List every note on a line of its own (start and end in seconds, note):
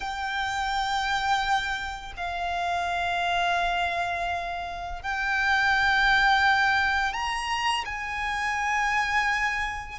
0.00 2.12 G5
2.17 5.02 F5
5.02 7.13 G5
7.13 7.84 A#5
7.85 9.99 G#5